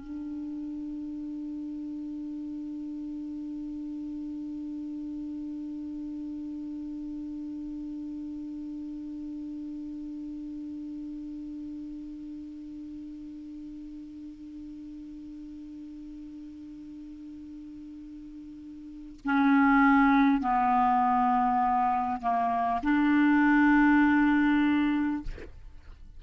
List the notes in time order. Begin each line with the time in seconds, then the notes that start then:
0.00 D4
19.24 C#4
20.41 B3
22.21 A#3
22.83 D4